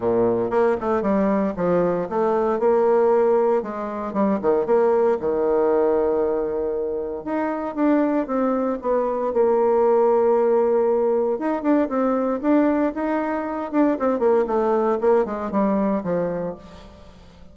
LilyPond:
\new Staff \with { instrumentName = "bassoon" } { \time 4/4 \tempo 4 = 116 ais,4 ais8 a8 g4 f4 | a4 ais2 gis4 | g8 dis8 ais4 dis2~ | dis2 dis'4 d'4 |
c'4 b4 ais2~ | ais2 dis'8 d'8 c'4 | d'4 dis'4. d'8 c'8 ais8 | a4 ais8 gis8 g4 f4 | }